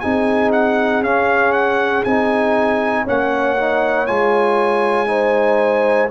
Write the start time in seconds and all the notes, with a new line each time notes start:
0.00 C4 D#4 G#4 G#5
0.52 F#5
1.01 C#4 F5
1.53 F#5
2.04 C4 D#4 G#5
3.04 A#3 C#4 C#5 F#5
3.58 D#4
4.07 G#3 F4 G#5
5.07 D#4 C5